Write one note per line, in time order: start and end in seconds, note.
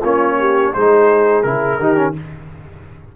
0.00 0.74 A#3
0.00 0.76 C#4
0.00 0.36 F4
0.00 0.73 C#5
0.39 0.74 G4
0.73 1.44 G#3
0.73 1.44 D#4
0.73 1.80 G#4
0.73 1.42 C5
1.42 1.78 C#3
1.42 1.79 E4
1.42 2.14 A#4
1.78 2.14 D#3
1.78 1.95 D#4
1.78 2.15 G4
1.95 2.13 C#4